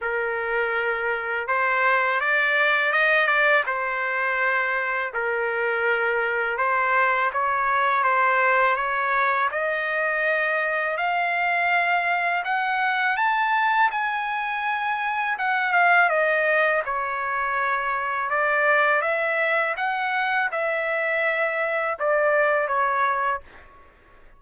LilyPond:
\new Staff \with { instrumentName = "trumpet" } { \time 4/4 \tempo 4 = 82 ais'2 c''4 d''4 | dis''8 d''8 c''2 ais'4~ | ais'4 c''4 cis''4 c''4 | cis''4 dis''2 f''4~ |
f''4 fis''4 a''4 gis''4~ | gis''4 fis''8 f''8 dis''4 cis''4~ | cis''4 d''4 e''4 fis''4 | e''2 d''4 cis''4 | }